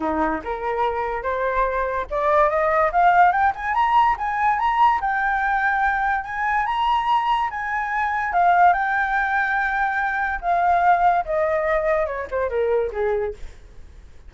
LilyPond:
\new Staff \with { instrumentName = "flute" } { \time 4/4 \tempo 4 = 144 dis'4 ais'2 c''4~ | c''4 d''4 dis''4 f''4 | g''8 gis''8 ais''4 gis''4 ais''4 | g''2. gis''4 |
ais''2 gis''2 | f''4 g''2.~ | g''4 f''2 dis''4~ | dis''4 cis''8 c''8 ais'4 gis'4 | }